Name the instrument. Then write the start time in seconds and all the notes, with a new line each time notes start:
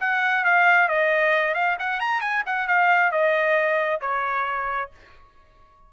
trumpet
0.00 F#5
0.44 F5
0.88 D#5
1.54 F5
1.79 F#5
2.00 A#5
2.21 G#5
2.46 F#5
2.67 F5
3.12 D#5
4.01 C#5